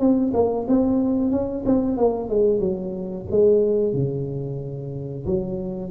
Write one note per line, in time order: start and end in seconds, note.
0.00 0.33 C4
0.34 0.67 A#3
0.68 1.32 C4
1.32 1.65 C#4
1.66 1.98 C4
1.98 2.30 A#3
2.30 2.60 G#3
2.60 3.26 F#3
3.31 3.94 G#3
3.94 5.25 C#3
5.27 5.92 F#3